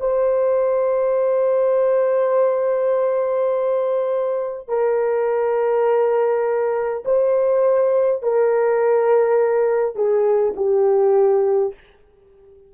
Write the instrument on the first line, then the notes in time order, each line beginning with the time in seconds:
horn
0.00 C5
4.68 A#4
7.05 C5
8.23 A#4
9.96 G#4
10.57 G4